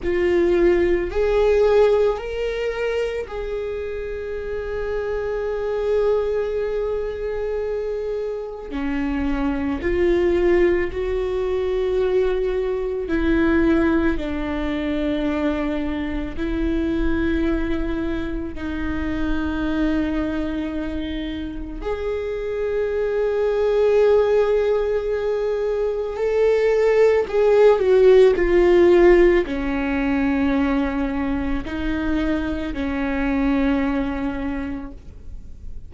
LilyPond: \new Staff \with { instrumentName = "viola" } { \time 4/4 \tempo 4 = 55 f'4 gis'4 ais'4 gis'4~ | gis'1 | cis'4 f'4 fis'2 | e'4 d'2 e'4~ |
e'4 dis'2. | gis'1 | a'4 gis'8 fis'8 f'4 cis'4~ | cis'4 dis'4 cis'2 | }